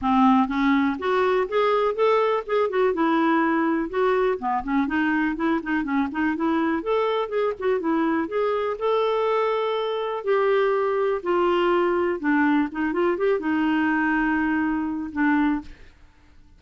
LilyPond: \new Staff \with { instrumentName = "clarinet" } { \time 4/4 \tempo 4 = 123 c'4 cis'4 fis'4 gis'4 | a'4 gis'8 fis'8 e'2 | fis'4 b8 cis'8 dis'4 e'8 dis'8 | cis'8 dis'8 e'4 a'4 gis'8 fis'8 |
e'4 gis'4 a'2~ | a'4 g'2 f'4~ | f'4 d'4 dis'8 f'8 g'8 dis'8~ | dis'2. d'4 | }